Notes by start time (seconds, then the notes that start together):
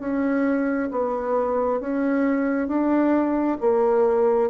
0.00 C#4
0.91 B3
1.80 C#4
2.68 D4
3.61 A#3